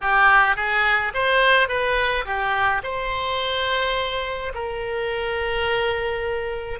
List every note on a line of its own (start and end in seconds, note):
0.01 0.56 G4
0.56 1.12 G#4
1.13 1.68 C5
1.68 2.25 B4
2.25 2.81 G4
2.83 4.53 C5
4.54 6.79 A#4